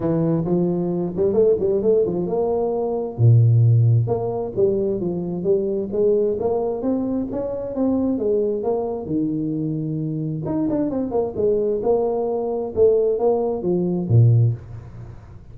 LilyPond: \new Staff \with { instrumentName = "tuba" } { \time 4/4 \tempo 4 = 132 e4 f4. g8 a8 g8 | a8 f8 ais2 ais,4~ | ais,4 ais4 g4 f4 | g4 gis4 ais4 c'4 |
cis'4 c'4 gis4 ais4 | dis2. dis'8 d'8 | c'8 ais8 gis4 ais2 | a4 ais4 f4 ais,4 | }